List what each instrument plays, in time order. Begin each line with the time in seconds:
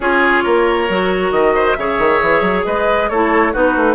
0.00 bassoon C#4, clarinet F4, oboe G#4, flute C#5
0.43 bassoon A#3, oboe A#4
0.89 bassoon F#3, clarinet F#4
1.31 bassoon D#3, flute D#5
1.54 oboe C5
1.73 bassoon C#3, clarinet G#4, oboe C#5, flute E5
1.98 bassoon D#3
2.21 bassoon E3
2.41 bassoon F#3
2.65 bassoon G#3, oboe B4, flute D#5
3.08 bassoon A3, clarinet E4, oboe A4, flute C#5
3.52 bassoon B3, clarinet D#4, oboe F#4, flute B4
3.75 bassoon A3